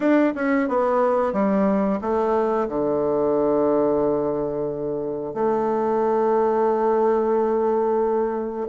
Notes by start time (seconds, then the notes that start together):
0.00 D4
0.35 C#4
0.68 B3
1.32 G3
2.01 A3
2.68 D3
5.34 A3